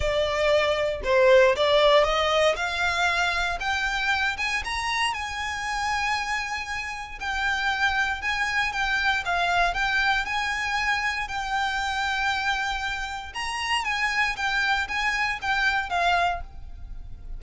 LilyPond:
\new Staff \with { instrumentName = "violin" } { \time 4/4 \tempo 4 = 117 d''2 c''4 d''4 | dis''4 f''2 g''4~ | g''8 gis''8 ais''4 gis''2~ | gis''2 g''2 |
gis''4 g''4 f''4 g''4 | gis''2 g''2~ | g''2 ais''4 gis''4 | g''4 gis''4 g''4 f''4 | }